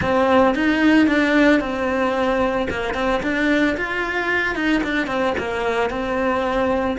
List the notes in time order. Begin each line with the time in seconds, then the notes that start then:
0.01 C4
0.55 D#4
1.07 D4
1.60 C4
2.70 A#3
2.93 C4
3.23 D4
3.77 F4
4.55 D#4
4.83 D4
5.06 C4
5.38 A#3
5.90 C4